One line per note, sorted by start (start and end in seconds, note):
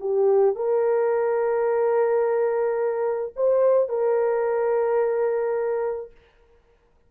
0.00 0.56 G4
0.56 3.34 A#4
3.36 3.89 C5
3.89 6.11 A#4